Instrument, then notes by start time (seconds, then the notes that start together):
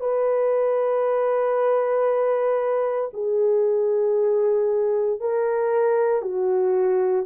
horn
0.00 B4
3.13 G#4
5.20 A#4
6.22 F#4